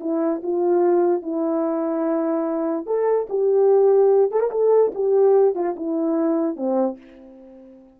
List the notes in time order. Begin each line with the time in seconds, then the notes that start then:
0.00 E4
0.43 F4
1.22 E4
2.86 A4
3.29 G4
4.31 A4
4.40 A#4
4.51 A4
4.94 G4
5.55 F4
5.76 E4
6.56 C4